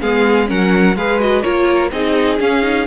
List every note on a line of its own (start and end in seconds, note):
0.00 0.50 G#3
0.00 0.46 B3
0.00 0.48 G#4
0.00 0.48 F5
0.46 0.96 F#3
0.46 0.94 C#4
0.46 0.96 A#4
0.46 0.96 F#5
0.96 1.43 G#3
0.96 1.19 G#4
0.96 1.43 B4
0.96 1.20 F5
1.19 1.43 F#4
1.19 1.42 D#5
1.42 1.91 A#3
1.42 1.90 F4
1.42 1.91 A#4
1.42 1.90 C#5
1.91 2.39 C4
1.91 2.39 D#4
1.91 2.87 G#4
1.91 2.39 D#5
2.39 2.62 C#4
2.39 2.87 C#4
2.39 2.87 F5
2.62 2.85 D#4